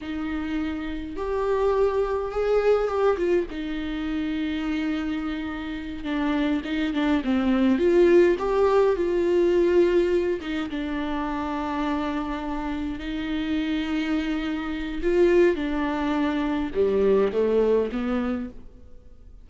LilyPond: \new Staff \with { instrumentName = "viola" } { \time 4/4 \tempo 4 = 104 dis'2 g'2 | gis'4 g'8 f'8 dis'2~ | dis'2~ dis'8 d'4 dis'8 | d'8 c'4 f'4 g'4 f'8~ |
f'2 dis'8 d'4.~ | d'2~ d'8 dis'4.~ | dis'2 f'4 d'4~ | d'4 g4 a4 b4 | }